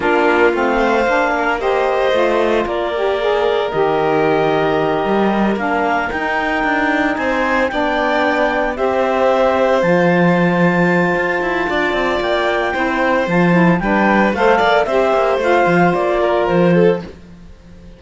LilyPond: <<
  \new Staff \with { instrumentName = "clarinet" } { \time 4/4 \tempo 4 = 113 ais'4 f''2 dis''4~ | dis''4 d''2 dis''4~ | dis''2~ dis''8 f''4 g''8~ | g''4. gis''4 g''4.~ |
g''8 e''2 a''4.~ | a''2. g''4~ | g''4 a''4 g''4 f''4 | e''4 f''4 d''4 c''4 | }
  \new Staff \with { instrumentName = "violin" } { \time 4/4 f'4. c''4 ais'8 c''4~ | c''4 ais'2.~ | ais'1~ | ais'4. c''4 d''4.~ |
d''8 c''2.~ c''8~ | c''2 d''2 | c''2 b'4 c''8 d''8 | c''2~ c''8 ais'4 a'8 | }
  \new Staff \with { instrumentName = "saxophone" } { \time 4/4 d'4 c'4 d'4 g'4 | f'4. g'8 gis'4 g'4~ | g'2~ g'8 d'4 dis'8~ | dis'2~ dis'8 d'4.~ |
d'8 g'2 f'4.~ | f'1 | e'4 f'8 e'8 d'4 a'4 | g'4 f'2. | }
  \new Staff \with { instrumentName = "cello" } { \time 4/4 ais4 a4 ais2 | a4 ais2 dis4~ | dis4. g4 ais4 dis'8~ | dis'8 d'4 c'4 b4.~ |
b8 c'2 f4.~ | f4 f'8 e'8 d'8 c'8 ais4 | c'4 f4 g4 a8 ais8 | c'8 ais8 a8 f8 ais4 f4 | }
>>